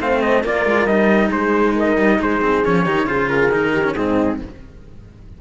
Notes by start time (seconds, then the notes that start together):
0.00 A3 C4 C5 F5
0.22 D#5
0.44 A#3 F4 A#4 D5
0.66 G#3
0.86 G3 D#4 D#5
1.29 G#3 G#4 C5
1.76 A#4 D#5
1.97 G3
2.20 G#3 G#4 C5
2.41 C4
2.65 F3 C#4 C#5
2.84 D#3 D#4 G4
3.06 C#3 F4 G#4 C5
3.29 A#4
3.51 D#3 D#4
3.73 G4
3.84 C#4
3.95 G#2 C4 D#4 G#4